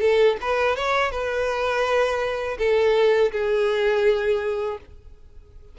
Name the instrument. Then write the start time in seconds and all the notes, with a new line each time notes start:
violin
0.00 A4
0.41 B4
0.76 C#5
1.11 B4
2.58 A4
3.32 G#4